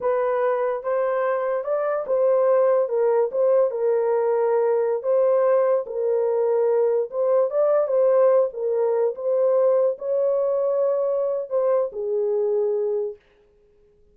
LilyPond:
\new Staff \with { instrumentName = "horn" } { \time 4/4 \tempo 4 = 146 b'2 c''2 | d''4 c''2 ais'4 | c''4 ais'2.~ | ais'16 c''2 ais'4.~ ais'16~ |
ais'4~ ais'16 c''4 d''4 c''8.~ | c''8. ais'4. c''4.~ c''16~ | c''16 cis''2.~ cis''8. | c''4 gis'2. | }